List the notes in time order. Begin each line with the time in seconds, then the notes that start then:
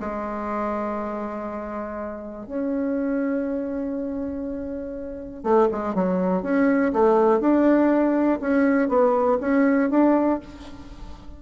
0.00 G#3
2.46 C#4
5.43 A3
5.72 G#3
5.94 F#3
6.43 C#4
6.93 A3
7.40 D4
8.40 C#4
8.88 B3
9.41 C#4
9.90 D4